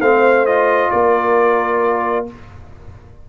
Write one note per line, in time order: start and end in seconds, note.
0.00 0.90 A3
0.00 0.46 C4
0.00 0.91 C5
0.00 0.46 F5
0.46 2.27 F4
0.46 0.91 D#5
0.91 2.29 A#3
0.91 2.27 A#4
0.91 2.26 D5